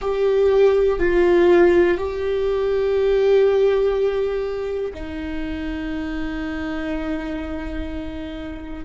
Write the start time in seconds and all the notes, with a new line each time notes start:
0.01 G4
0.99 F4
1.97 G4
4.94 D#4